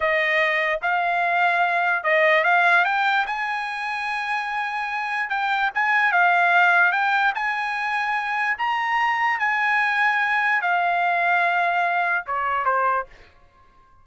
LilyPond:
\new Staff \with { instrumentName = "trumpet" } { \time 4/4 \tempo 4 = 147 dis''2 f''2~ | f''4 dis''4 f''4 g''4 | gis''1~ | gis''4 g''4 gis''4 f''4~ |
f''4 g''4 gis''2~ | gis''4 ais''2 gis''4~ | gis''2 f''2~ | f''2 cis''4 c''4 | }